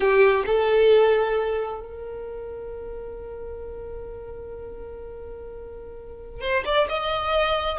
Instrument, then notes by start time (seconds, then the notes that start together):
violin
0.00 G4
0.46 A4
1.80 A#4
6.41 C5
6.65 D5
6.88 D#5